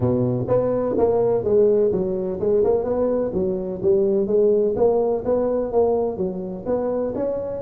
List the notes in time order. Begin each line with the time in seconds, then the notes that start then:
0.00 B2
0.47 B3
0.97 A#3
1.44 G#3
1.92 F#3
2.39 G#3
2.64 A#3
2.84 B3
3.33 F#3
3.82 G3
4.26 G#3
4.76 A#3
5.24 B3
5.71 A#3
6.17 F#3
6.65 B3
7.15 C#4